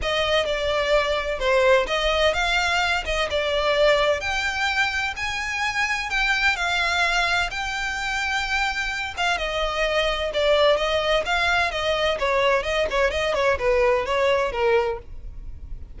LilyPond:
\new Staff \with { instrumentName = "violin" } { \time 4/4 \tempo 4 = 128 dis''4 d''2 c''4 | dis''4 f''4. dis''8 d''4~ | d''4 g''2 gis''4~ | gis''4 g''4 f''2 |
g''2.~ g''8 f''8 | dis''2 d''4 dis''4 | f''4 dis''4 cis''4 dis''8 cis''8 | dis''8 cis''8 b'4 cis''4 ais'4 | }